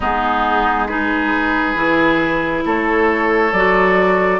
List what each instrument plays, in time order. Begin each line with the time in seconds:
0.00 bassoon G#3, clarinet B3, oboe D#4, flute G#4
0.87 clarinet D#4, oboe G#4, flute B4
1.75 bassoon E3, clarinet E4
2.65 bassoon A3, oboe A4, flute C#5
3.52 bassoon F#3, clarinet F#4, flute D5